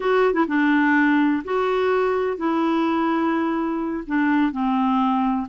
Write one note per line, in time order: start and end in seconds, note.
0.00 0.33 F#4
0.33 0.45 E4
0.48 1.43 D4
1.44 2.37 F#4
2.37 4.03 E4
4.06 4.52 D4
4.52 5.47 C4